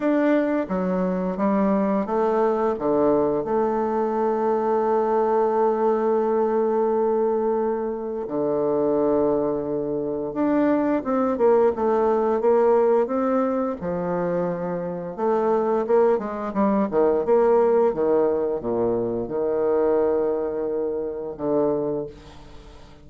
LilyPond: \new Staff \with { instrumentName = "bassoon" } { \time 4/4 \tempo 4 = 87 d'4 fis4 g4 a4 | d4 a2.~ | a1 | d2. d'4 |
c'8 ais8 a4 ais4 c'4 | f2 a4 ais8 gis8 | g8 dis8 ais4 dis4 ais,4 | dis2. d4 | }